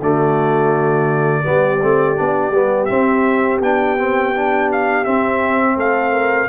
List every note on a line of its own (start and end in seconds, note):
0.00 1.45 D3
0.00 1.44 A3
0.00 1.42 F#4
0.00 2.85 D5
1.42 1.83 G3
1.42 1.80 B3
1.42 5.76 G4
1.83 2.19 A3
1.83 2.16 C4
2.16 2.50 B3
2.16 2.52 D4
2.50 2.87 G3
2.50 2.89 B3
2.85 3.61 C4
2.85 3.58 E5
3.61 5.05 B3
3.61 3.98 D4
3.61 4.71 G5
3.98 4.34 C4
4.35 5.05 D4
4.72 5.04 F5
5.04 6.49 C4
5.04 5.76 C4
5.04 5.77 E5
5.76 6.48 A3
5.76 6.12 A4
5.76 6.49 F5
6.12 6.48 A#4